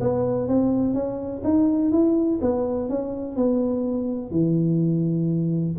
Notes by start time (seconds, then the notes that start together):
0.00 B3
0.48 C4
0.94 C#4
1.44 D#4
1.92 E4
2.41 B3
2.89 C#4
3.36 B3
4.31 E3